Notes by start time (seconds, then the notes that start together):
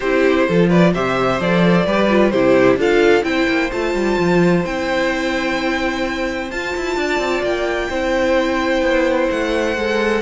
0.00 C4 E4 G4 C5
0.47 F3 F4 A4
0.69 B4 D5
0.93 C3 G4 C5 E5
1.39 F3 A4 D5
1.86 G3 G4 B4
2.09 F4
2.30 C3 E4 G4 C5
2.75 D4 F4 A4 F5
3.22 C4 E4 C5 G5
3.48 A#3
3.71 A3 F4 A5
3.94 G3
4.18 F3
4.64 C4 E4 G5
6.50 F4 A5
6.76 E4
6.96 D4 D5
7.19 C4
7.42 A#3 G5
7.90 C4 E4 C5
8.81 B3
9.30 A3 F#5
9.76 G#3 A4